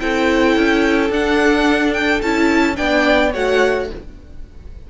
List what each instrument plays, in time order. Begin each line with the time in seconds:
0.00 cello C4, viola E4, violin A4 G5
0.56 cello C#4
1.10 cello D4, viola D4, violin F#5
1.93 violin G5
2.22 cello C#4, viola E4, violin A5
2.76 cello B3, viola D4, violin D5 G5
3.33 cello A3, viola F#4, violin C#5 F#5